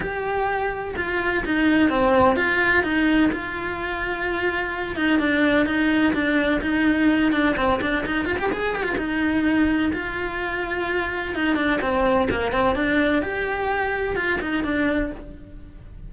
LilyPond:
\new Staff \with { instrumentName = "cello" } { \time 4/4 \tempo 4 = 127 g'2 f'4 dis'4 | c'4 f'4 dis'4 f'4~ | f'2~ f'8 dis'8 d'4 | dis'4 d'4 dis'4. d'8 |
c'8 d'8 dis'8 f'16 g'16 gis'8 g'16 f'16 dis'4~ | dis'4 f'2. | dis'8 d'8 c'4 ais8 c'8 d'4 | g'2 f'8 dis'8 d'4 | }